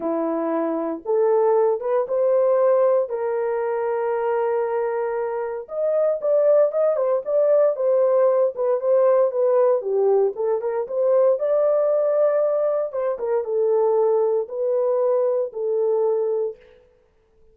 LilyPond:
\new Staff \with { instrumentName = "horn" } { \time 4/4 \tempo 4 = 116 e'2 a'4. b'8 | c''2 ais'2~ | ais'2. dis''4 | d''4 dis''8 c''8 d''4 c''4~ |
c''8 b'8 c''4 b'4 g'4 | a'8 ais'8 c''4 d''2~ | d''4 c''8 ais'8 a'2 | b'2 a'2 | }